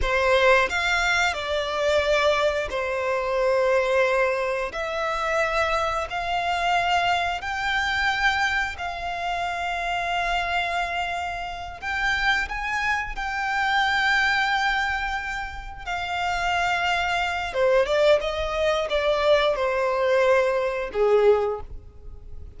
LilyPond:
\new Staff \with { instrumentName = "violin" } { \time 4/4 \tempo 4 = 89 c''4 f''4 d''2 | c''2. e''4~ | e''4 f''2 g''4~ | g''4 f''2.~ |
f''4. g''4 gis''4 g''8~ | g''2.~ g''8 f''8~ | f''2 c''8 d''8 dis''4 | d''4 c''2 gis'4 | }